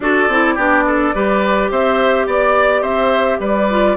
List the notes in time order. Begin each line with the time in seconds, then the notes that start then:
0.00 D4 F#4 A4 D5
0.28 C4 E4
0.54 B3 D4 G4
0.86 A4
1.14 G3 G4 B4
1.71 C4 C5 E5
2.26 B3 D5
2.81 C4 C5 E5
3.39 G3 B4 D5
3.70 F4